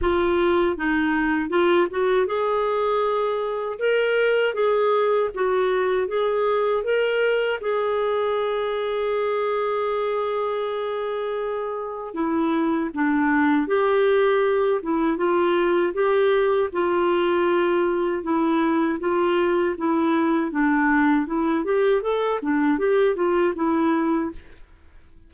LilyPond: \new Staff \with { instrumentName = "clarinet" } { \time 4/4 \tempo 4 = 79 f'4 dis'4 f'8 fis'8 gis'4~ | gis'4 ais'4 gis'4 fis'4 | gis'4 ais'4 gis'2~ | gis'1 |
e'4 d'4 g'4. e'8 | f'4 g'4 f'2 | e'4 f'4 e'4 d'4 | e'8 g'8 a'8 d'8 g'8 f'8 e'4 | }